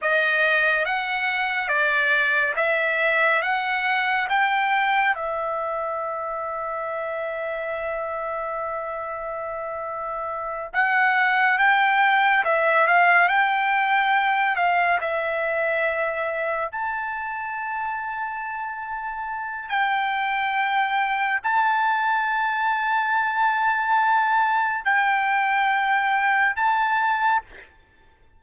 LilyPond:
\new Staff \with { instrumentName = "trumpet" } { \time 4/4 \tempo 4 = 70 dis''4 fis''4 d''4 e''4 | fis''4 g''4 e''2~ | e''1~ | e''8 fis''4 g''4 e''8 f''8 g''8~ |
g''4 f''8 e''2 a''8~ | a''2. g''4~ | g''4 a''2.~ | a''4 g''2 a''4 | }